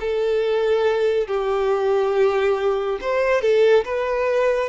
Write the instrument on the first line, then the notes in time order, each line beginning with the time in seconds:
violin
0.00 A4
1.27 G4
3.01 C5
3.41 A4
3.85 B4